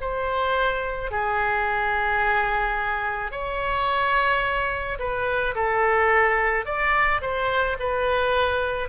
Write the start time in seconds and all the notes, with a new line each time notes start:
0.00 C5
1.11 G#4
3.31 C#5
4.98 B4
5.55 A4
6.65 D5
7.21 C5
7.79 B4